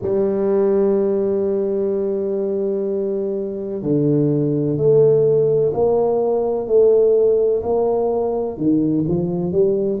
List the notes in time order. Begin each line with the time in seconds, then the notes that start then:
0.02 G3
3.82 D3
4.76 A3
5.73 A#3
6.67 A3
7.62 A#3
8.57 D#3
9.07 F3
9.52 G3